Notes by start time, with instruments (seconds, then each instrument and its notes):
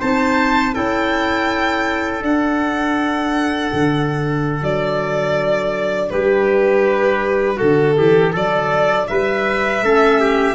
0.00 tuba C4, clarinet D#4, trumpet C5, violin A5
0.74 tuba C#4, clarinet E4, trumpet A4, violin G5
2.21 clarinet D4, tuba D4, violin F#5
3.73 tuba D3
4.61 tuba F#3, violin D5
6.10 tuba G3, trumpet G4, violin B4
7.56 tuba D3, trumpet F#4, violin A4
7.97 tuba E3, trumpet G4
8.32 tuba F#3, trumpet A4, violin D5
9.07 tuba G3, trumpet B4, violin E5
9.81 tuba A3, clarinet C#4, trumpet A4
10.20 trumpet G4